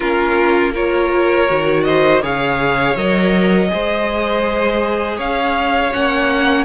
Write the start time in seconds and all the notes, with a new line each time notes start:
0.00 A#3 C#4 F4 A#4
0.72 F4 A#4 C#5
1.47 D#3 F#4
1.83 C5 D#5
2.22 C#3 G#4 C#5 F5
2.96 F#3 A#4 D#5
3.68 G#3 G#4 C5
5.16 C#4 C#5 F5
5.92 A#3 C#4 F#5